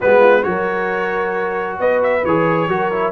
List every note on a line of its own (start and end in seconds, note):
0.00 0.45 G#3
0.00 0.42 B3
0.00 0.19 F#4
0.00 0.43 B4
0.19 0.42 F4
0.42 1.79 F#3
0.42 2.21 F#4
0.42 1.79 A#4
0.42 1.77 C#5
1.79 2.24 B3
1.79 2.69 B4
1.79 2.02 D#5
2.03 2.25 E5
2.25 2.68 E3
2.25 2.69 G#4
2.25 3.11 C#5
2.68 3.11 F#3
2.68 2.91 F#4
2.68 3.11 A#4
2.92 3.11 E4